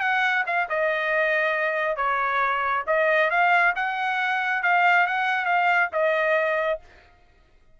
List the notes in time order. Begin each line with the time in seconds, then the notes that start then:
0.00 F#5
0.46 F5
0.69 D#5
1.96 C#5
2.87 D#5
3.30 F5
3.76 F#5
4.63 F5
5.07 F#5
5.45 F5
5.92 D#5